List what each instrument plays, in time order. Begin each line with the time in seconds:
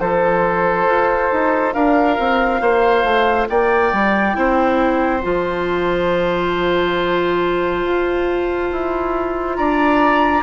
0.00 bassoon F3, clarinet F4, oboe A4, flute C5
0.86 bassoon F4
1.32 bassoon D#4
1.73 bassoon D4, oboe A#4, flute F5
2.19 bassoon C4
2.61 bassoon A#3, oboe C5
3.04 bassoon A3
3.49 bassoon A#3, oboe D5, flute G5
3.92 bassoon G3
4.33 bassoon C4, clarinet E4, oboe C5
5.22 bassoon F3, clarinet F4, flute A5
7.84 bassoon F4
8.71 bassoon E4
9.56 bassoon D4, oboe D5, flute A#5